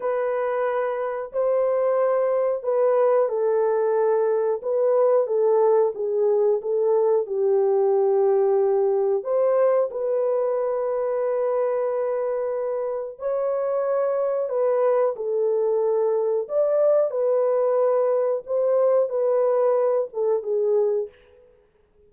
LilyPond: \new Staff \with { instrumentName = "horn" } { \time 4/4 \tempo 4 = 91 b'2 c''2 | b'4 a'2 b'4 | a'4 gis'4 a'4 g'4~ | g'2 c''4 b'4~ |
b'1 | cis''2 b'4 a'4~ | a'4 d''4 b'2 | c''4 b'4. a'8 gis'4 | }